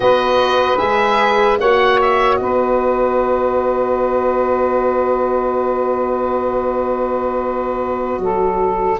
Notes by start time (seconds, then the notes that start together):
0.00 B3 F#4 B4 D#5
0.78 G#3 G#4 E5
1.59 A#3 F#4 C#5 F#5
2.01 E5
2.35 B3 B4 D#5
8.18 F#3 A4